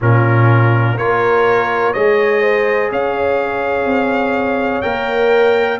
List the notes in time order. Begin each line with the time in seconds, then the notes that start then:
0.00 A#2 C#4 F4 A#4
0.97 A#3 F4 A#4 C#5
1.93 G#3 G#4 C#5 D#5
2.41 C5
2.91 C#4 C#5 F5
3.85 C4
4.81 A#3 A#4 G5